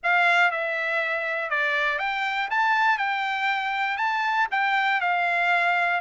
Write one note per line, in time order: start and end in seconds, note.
0.03 0.51 F5
0.51 1.50 E5
1.50 1.99 D5
1.99 2.49 G5
2.50 2.98 A5
2.98 3.97 G5
3.97 4.47 A5
4.51 5.00 G5
5.00 6.00 F5